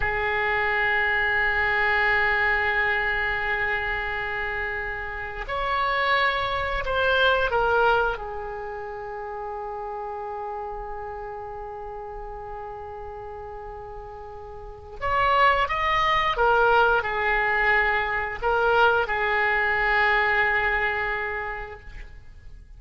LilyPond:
\new Staff \with { instrumentName = "oboe" } { \time 4/4 \tempo 4 = 88 gis'1~ | gis'1 | cis''2 c''4 ais'4 | gis'1~ |
gis'1~ | gis'2 cis''4 dis''4 | ais'4 gis'2 ais'4 | gis'1 | }